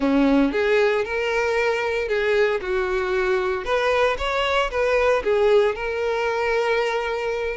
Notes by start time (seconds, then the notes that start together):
0.00 C#4
0.52 G#4
1.04 A#4
2.08 G#4
2.61 F#4
3.64 B4
4.18 C#5
4.70 B4
5.23 G#4
5.75 A#4